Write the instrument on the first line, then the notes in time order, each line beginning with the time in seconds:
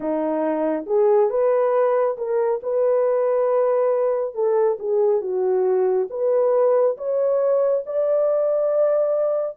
horn
0.00 D#4
0.86 G#4
1.30 B4
2.17 A#4
2.62 B4
4.34 A4
4.79 G#4
5.21 F#4
6.09 B4
6.97 C#5
7.86 D5